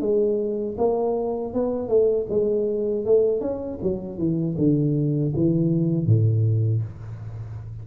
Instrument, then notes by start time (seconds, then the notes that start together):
tuba
0.00 G#3
0.77 A#3
1.54 B3
1.88 A3
2.29 G#3
3.05 A3
3.41 C#4
3.82 F#3
4.18 E3
4.57 D3
5.35 E3
6.06 A2